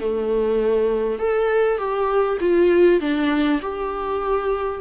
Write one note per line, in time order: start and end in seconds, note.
0.00 1.19 A3
1.19 1.78 A4
1.78 2.38 G4
2.41 3.01 F4
3.01 3.61 D4
3.62 4.81 G4